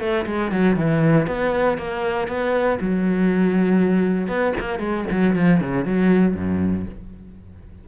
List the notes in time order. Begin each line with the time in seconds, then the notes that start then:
0.00 A3
0.26 G#3
0.51 F#3
0.76 E3
1.27 B3
1.78 A#3
2.28 B3
2.81 F#3
4.28 B3
4.60 A#3
4.79 G#3
5.10 F#3
5.35 F3
5.60 C#3
5.85 F#3
6.35 F#2